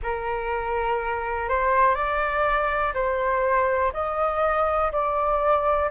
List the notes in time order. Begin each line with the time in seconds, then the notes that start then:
0.02 A#4
1.48 C5
1.94 D5
2.94 C5
3.93 D#5
4.92 D5